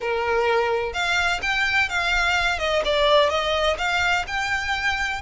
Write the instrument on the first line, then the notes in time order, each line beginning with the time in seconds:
violin
0.00 A#4
0.93 F5
1.42 G5
1.89 F5
2.59 D#5
2.84 D5
3.29 D#5
3.78 F5
4.27 G5